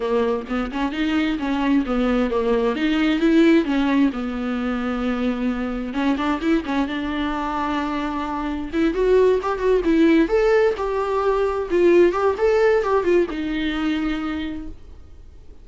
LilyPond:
\new Staff \with { instrumentName = "viola" } { \time 4/4 \tempo 4 = 131 ais4 b8 cis'8 dis'4 cis'4 | b4 ais4 dis'4 e'4 | cis'4 b2.~ | b4 cis'8 d'8 e'8 cis'8 d'4~ |
d'2. e'8 fis'8~ | fis'8 g'8 fis'8 e'4 a'4 g'8~ | g'4. f'4 g'8 a'4 | g'8 f'8 dis'2. | }